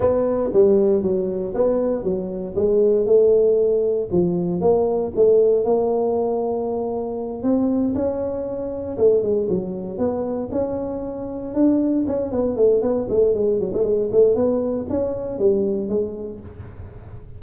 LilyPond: \new Staff \with { instrumentName = "tuba" } { \time 4/4 \tempo 4 = 117 b4 g4 fis4 b4 | fis4 gis4 a2 | f4 ais4 a4 ais4~ | ais2~ ais8 c'4 cis'8~ |
cis'4. a8 gis8 fis4 b8~ | b8 cis'2 d'4 cis'8 | b8 a8 b8 a8 gis8 fis16 a16 gis8 a8 | b4 cis'4 g4 gis4 | }